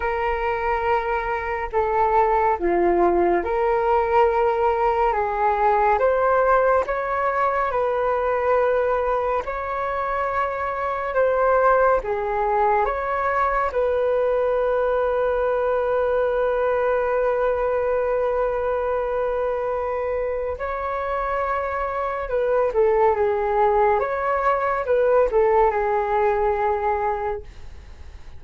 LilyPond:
\new Staff \with { instrumentName = "flute" } { \time 4/4 \tempo 4 = 70 ais'2 a'4 f'4 | ais'2 gis'4 c''4 | cis''4 b'2 cis''4~ | cis''4 c''4 gis'4 cis''4 |
b'1~ | b'1 | cis''2 b'8 a'8 gis'4 | cis''4 b'8 a'8 gis'2 | }